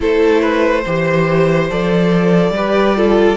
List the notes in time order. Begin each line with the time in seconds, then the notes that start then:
0.00 A3 E4 A4 C5
0.41 B4
0.81 E3 G4 C5
1.70 F3 A4 D5
2.50 G3 B4
2.56 G4
2.96 F4 A4